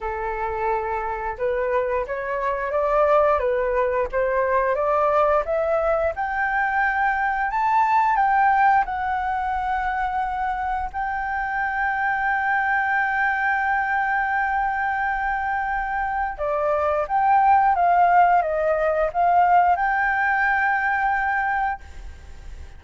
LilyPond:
\new Staff \with { instrumentName = "flute" } { \time 4/4 \tempo 4 = 88 a'2 b'4 cis''4 | d''4 b'4 c''4 d''4 | e''4 g''2 a''4 | g''4 fis''2. |
g''1~ | g''1 | d''4 g''4 f''4 dis''4 | f''4 g''2. | }